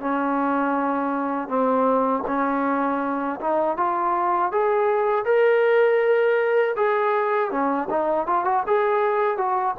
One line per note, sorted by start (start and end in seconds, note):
0.00 1.48 C#4
1.48 2.23 C4
2.27 3.40 C#4
3.41 3.77 D#4
3.77 4.52 F4
4.52 5.25 G#4
5.25 6.75 A#4
6.76 7.51 G#4
7.51 7.88 C#4
7.90 8.27 D#4
8.27 8.45 F4
8.45 8.64 F#4
8.67 9.38 G#4
9.38 9.75 F#4